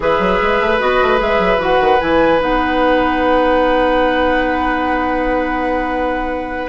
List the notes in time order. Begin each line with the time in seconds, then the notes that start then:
0.00 E3 G#4 B4 E5
0.19 F#3
0.42 G#3
0.60 A3
0.79 B3 F#4 D#5
1.02 A3
1.17 G#3 G#4 E5
1.38 F#3
1.57 E3 F#4 F#5
1.80 D#3
1.99 E3 E4 G#5
2.39 B3 D#4 F#5